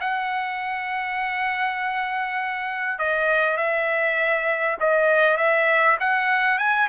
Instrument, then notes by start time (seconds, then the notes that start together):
trumpet
0.00 F#5
2.98 D#5
3.57 E5
4.80 D#5
5.37 E5
6.00 F#5
6.58 G#5